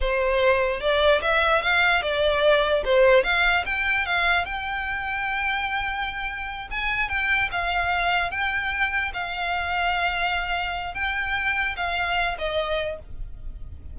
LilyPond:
\new Staff \with { instrumentName = "violin" } { \time 4/4 \tempo 4 = 148 c''2 d''4 e''4 | f''4 d''2 c''4 | f''4 g''4 f''4 g''4~ | g''1~ |
g''8 gis''4 g''4 f''4.~ | f''8 g''2 f''4.~ | f''2. g''4~ | g''4 f''4. dis''4. | }